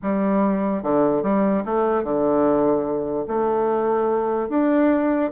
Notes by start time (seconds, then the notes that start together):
0.02 G3
0.83 D3
1.22 G3
1.65 A3
2.03 D3
3.27 A3
4.49 D4